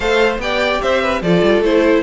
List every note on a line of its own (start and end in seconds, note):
0.00 0.37 A3
0.00 0.40 A4
0.00 0.41 C5
0.00 0.37 F5
0.37 0.78 B3
0.37 1.24 G4
0.37 0.82 D5
0.37 0.81 G5
0.81 1.21 C4
0.81 1.01 C5
0.81 1.22 E5
1.01 1.22 B4
1.21 1.42 F3
1.21 1.64 F4
1.21 2.03 A4
1.21 1.63 D5
1.42 1.60 G3
1.60 2.01 A3
1.60 2.03 E4
1.60 2.03 C5